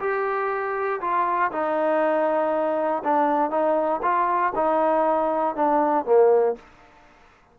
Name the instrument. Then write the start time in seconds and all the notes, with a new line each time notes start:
trombone
0.00 G4
1.01 F4
1.52 D#4
3.04 D4
3.51 D#4
4.03 F4
4.56 D#4
5.56 D4
6.05 A#3